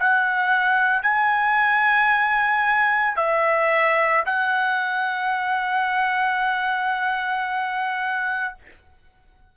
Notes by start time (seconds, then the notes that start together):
0.00 F#5
1.03 G#5
3.17 E5
4.26 F#5